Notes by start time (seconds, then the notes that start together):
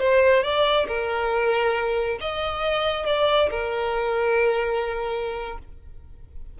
0.00 C5
0.44 D5
0.88 A#4
2.21 D#5
3.06 D5
3.51 A#4